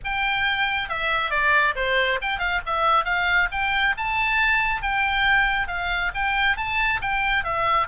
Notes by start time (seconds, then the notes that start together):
0.04 G5
0.89 E5
1.30 D5
1.75 C5
2.21 G5
2.38 F5
2.66 E5
3.05 F5
3.51 G5
3.97 A5
4.82 G5
5.67 F5
6.14 G5
6.56 A5
7.01 G5
7.44 E5